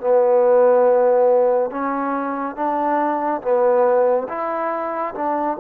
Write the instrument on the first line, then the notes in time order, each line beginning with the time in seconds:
trombone
0.00 B3
1.71 C#4
2.56 D4
3.42 B3
4.29 E4
5.15 D4